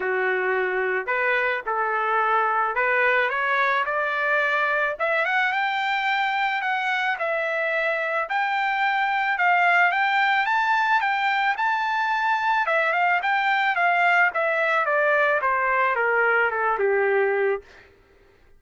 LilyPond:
\new Staff \with { instrumentName = "trumpet" } { \time 4/4 \tempo 4 = 109 fis'2 b'4 a'4~ | a'4 b'4 cis''4 d''4~ | d''4 e''8 fis''8 g''2 | fis''4 e''2 g''4~ |
g''4 f''4 g''4 a''4 | g''4 a''2 e''8 f''8 | g''4 f''4 e''4 d''4 | c''4 ais'4 a'8 g'4. | }